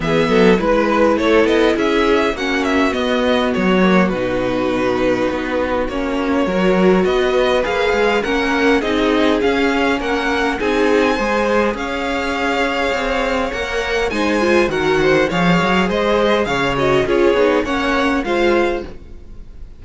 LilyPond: <<
  \new Staff \with { instrumentName = "violin" } { \time 4/4 \tempo 4 = 102 e''4 b'4 cis''8 dis''8 e''4 | fis''8 e''8 dis''4 cis''4 b'4~ | b'2 cis''2 | dis''4 f''4 fis''4 dis''4 |
f''4 fis''4 gis''2 | f''2. fis''4 | gis''4 fis''4 f''4 dis''4 | f''8 dis''8 cis''4 fis''4 f''4 | }
  \new Staff \with { instrumentName = "violin" } { \time 4/4 gis'8 a'8 b'4 a'4 gis'4 | fis'1~ | fis'2. ais'4 | b'2 ais'4 gis'4~ |
gis'4 ais'4 gis'4 c''4 | cis''1 | c''4 ais'8 c''8 cis''4 c''4 | cis''4 gis'4 cis''4 c''4 | }
  \new Staff \with { instrumentName = "viola" } { \time 4/4 b4 e'2. | cis'4 b4. ais8 dis'4~ | dis'2 cis'4 fis'4~ | fis'4 gis'4 cis'4 dis'4 |
cis'2 dis'4 gis'4~ | gis'2. ais'4 | dis'8 f'8 fis'4 gis'2~ | gis'8 fis'8 f'8 dis'8 cis'4 f'4 | }
  \new Staff \with { instrumentName = "cello" } { \time 4/4 e8 fis8 gis4 a8 b8 cis'4 | ais4 b4 fis4 b,4~ | b,4 b4 ais4 fis4 | b4 ais8 gis8 ais4 c'4 |
cis'4 ais4 c'4 gis4 | cis'2 c'4 ais4 | gis4 dis4 f8 fis8 gis4 | cis4 cis'8 b8 ais4 gis4 | }
>>